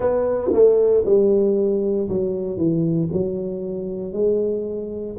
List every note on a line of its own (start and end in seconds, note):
0.00 0.51 B3
0.52 1.04 A3
1.05 2.08 G3
2.08 2.57 F#3
2.57 3.08 E3
3.12 4.12 F#3
4.12 5.16 G#3